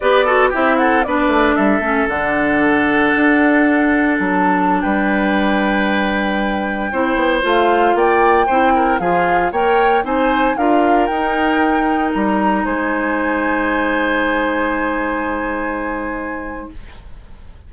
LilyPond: <<
  \new Staff \with { instrumentName = "flute" } { \time 4/4 \tempo 4 = 115 d''4 e''8 fis''8 d''4 e''4 | fis''1 | a''4~ a''16 g''2~ g''8.~ | g''2~ g''16 f''4 g''8.~ |
g''4~ g''16 f''4 g''4 gis''8.~ | gis''16 f''4 g''2 ais''8.~ | ais''16 gis''2.~ gis''8.~ | gis''1 | }
  \new Staff \with { instrumentName = "oboe" } { \time 4/4 b'8 a'8 g'8 a'8 b'4 a'4~ | a'1~ | a'4~ a'16 b'2~ b'8.~ | b'4~ b'16 c''2 d''8.~ |
d''16 c''8 ais'8 gis'4 cis''4 c''8.~ | c''16 ais'2.~ ais'8.~ | ais'16 c''2.~ c''8.~ | c''1 | }
  \new Staff \with { instrumentName = "clarinet" } { \time 4/4 g'8 fis'8 e'4 d'4. cis'8 | d'1~ | d'1~ | d'4~ d'16 e'4 f'4.~ f'16~ |
f'16 e'4 f'4 ais'4 dis'8.~ | dis'16 f'4 dis'2~ dis'8.~ | dis'1~ | dis'1 | }
  \new Staff \with { instrumentName = "bassoon" } { \time 4/4 b4 c'4 b8 a8 g8 a8 | d2 d'2 | fis4~ fis16 g2~ g8.~ | g4~ g16 c'8 b8 a4 ais8.~ |
ais16 c'4 f4 ais4 c'8.~ | c'16 d'4 dis'2 g8.~ | g16 gis2.~ gis8.~ | gis1 | }
>>